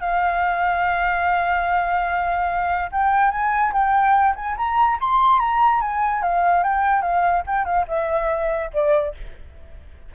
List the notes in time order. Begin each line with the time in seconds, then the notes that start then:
0.00 F5
2.92 G5
3.31 G#5
3.73 G5
4.36 G#5
4.57 A#5
5.01 C6
5.39 A#5
5.81 G#5
6.22 F5
6.63 G5
7.02 F5
7.47 G5
7.65 F5
7.88 E5
8.73 D5